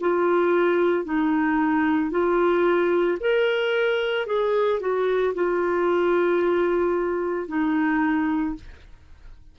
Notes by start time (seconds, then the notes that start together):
0.00 F4
1.05 D#4
2.10 F4
3.19 A#4
4.26 G#4
4.80 F#4
5.34 F4
7.48 D#4